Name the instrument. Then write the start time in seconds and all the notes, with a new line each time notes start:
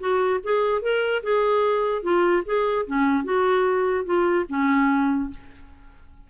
clarinet
0.00 F#4
0.44 G#4
0.82 A#4
1.23 G#4
2.03 F4
2.46 G#4
2.87 C#4
3.25 F#4
4.05 F4
4.49 C#4